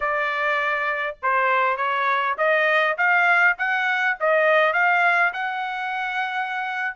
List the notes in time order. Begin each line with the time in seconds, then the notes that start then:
0.00 D5
1.22 C5
1.77 C#5
2.37 D#5
2.97 F5
3.58 F#5
4.20 D#5
4.73 F5
5.33 F#5